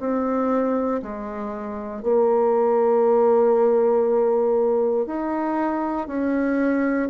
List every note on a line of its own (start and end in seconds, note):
0.00 1.02 C4
1.03 2.03 G#3
2.03 5.07 A#3
5.07 6.08 D#4
6.08 7.10 C#4